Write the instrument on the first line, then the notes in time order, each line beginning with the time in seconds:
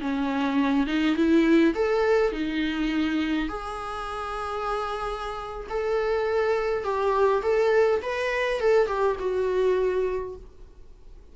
viola
0.00 C#4
0.86 D#4
1.15 E4
1.74 A4
2.32 D#4
3.48 G#4
5.69 A4
6.84 G4
7.42 A4
8.02 B4
8.60 A4
8.87 G4
9.19 F#4